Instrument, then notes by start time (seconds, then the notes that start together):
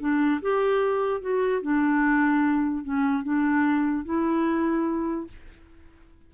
clarinet
0.00 D4
0.42 G4
1.21 F#4
1.62 D4
2.84 C#4
3.24 D4
4.05 E4